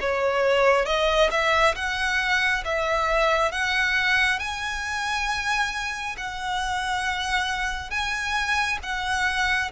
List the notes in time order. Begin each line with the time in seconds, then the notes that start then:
0.00 C#5
0.85 D#5
1.31 E5
1.75 F#5
2.65 E5
3.52 F#5
4.39 G#5
6.17 F#5
7.90 G#5
8.83 F#5